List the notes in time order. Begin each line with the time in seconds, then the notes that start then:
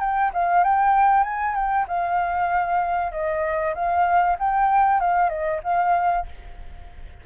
0.00 G5
0.34 F5
0.64 G5
1.24 G#5
1.55 G5
1.88 F5
3.12 D#5
3.75 F5
4.39 G5
5.01 F5
5.30 D#5
5.64 F5